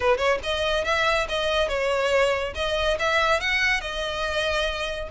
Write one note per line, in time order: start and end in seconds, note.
0.00 0.17 B4
0.17 0.38 C#5
0.43 0.84 D#5
0.84 1.27 E5
1.28 1.68 D#5
1.68 2.53 C#5
2.55 2.97 D#5
2.99 3.40 E5
3.40 3.80 F#5
3.80 5.08 D#5